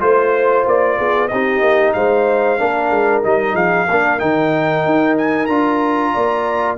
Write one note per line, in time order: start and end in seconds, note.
0.00 0.66 A3
0.00 1.29 F4
0.00 0.66 C5
0.00 0.97 C5
0.67 0.99 A#3
0.67 1.28 D5
0.97 1.32 B3
0.97 1.30 G#4
1.28 1.61 C4
1.28 2.59 D#4
1.28 1.95 G4
1.28 1.93 D#5
1.61 1.93 A#3
1.93 2.60 G#3
1.93 2.59 C5
1.93 3.22 F5
2.59 2.90 A#3
2.59 3.23 D4
2.59 3.54 A#4
2.90 3.23 G#3
3.23 3.54 G3
3.23 3.87 D#4
3.23 3.56 D#5
3.54 3.86 F3
3.54 3.87 G#4
3.54 4.19 F5
3.90 4.22 A#3
3.90 4.19 D4
3.90 6.13 A#4
4.19 4.85 D#3
4.19 5.48 D#4
4.19 5.16 G5
4.85 5.49 D#4
5.18 5.46 G#5
5.46 6.13 D4
5.46 6.78 F4
5.46 6.75 A#5
6.13 6.78 A#3
6.13 6.78 D5